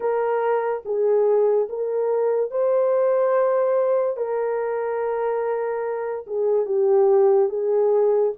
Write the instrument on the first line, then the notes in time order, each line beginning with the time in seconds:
horn
0.00 A#4
0.85 G#4
1.69 A#4
2.50 C5
4.16 A#4
6.27 G#4
6.65 G4
7.49 G#4